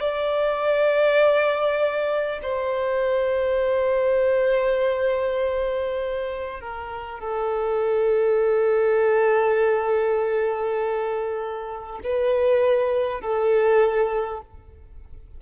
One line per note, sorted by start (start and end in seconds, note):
0.00 2.40 D5
2.43 6.61 C5
6.61 7.20 A#4
7.20 12.00 A4
12.04 13.21 B4
13.21 14.41 A4